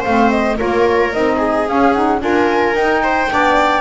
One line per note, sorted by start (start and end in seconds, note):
0.00 0.60 A3
0.00 0.55 C5
0.00 0.30 F5
0.06 0.57 C4
0.30 0.58 D#5
0.57 1.14 A#3
0.57 1.12 F4
0.57 1.36 A#4
0.57 1.13 C#5
1.12 1.69 C4
1.12 1.66 D#4
1.12 1.67 D#5
1.36 2.18 G#4
1.66 1.93 C#4
1.66 2.21 C#4
1.66 1.93 F5
1.93 2.20 D#4
1.93 2.20 F#5
2.20 2.74 D4
2.20 2.74 F4
2.20 3.04 A#4
2.20 2.75 G#5
2.74 3.28 D#4
2.74 3.81 G5
3.04 3.31 C5
3.28 3.81 B3
3.28 3.81 D4
3.28 3.81 D5